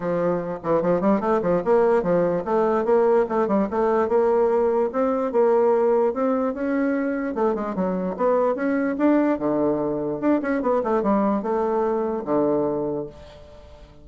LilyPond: \new Staff \with { instrumentName = "bassoon" } { \time 4/4 \tempo 4 = 147 f4. e8 f8 g8 a8 f8 | ais4 f4 a4 ais4 | a8 g8 a4 ais2 | c'4 ais2 c'4 |
cis'2 a8 gis8 fis4 | b4 cis'4 d'4 d4~ | d4 d'8 cis'8 b8 a8 g4 | a2 d2 | }